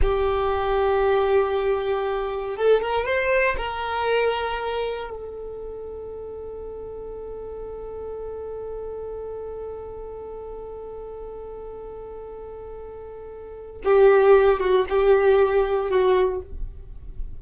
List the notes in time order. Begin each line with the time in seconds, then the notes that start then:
0.01 G4
2.56 A4
2.81 A#4
3.05 C5
3.57 A#4
5.10 A4
13.84 G4
14.59 F#4
14.89 G4
15.90 F#4